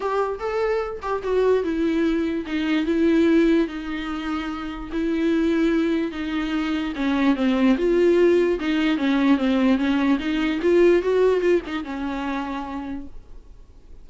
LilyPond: \new Staff \with { instrumentName = "viola" } { \time 4/4 \tempo 4 = 147 g'4 a'4. g'8 fis'4 | e'2 dis'4 e'4~ | e'4 dis'2. | e'2. dis'4~ |
dis'4 cis'4 c'4 f'4~ | f'4 dis'4 cis'4 c'4 | cis'4 dis'4 f'4 fis'4 | f'8 dis'8 cis'2. | }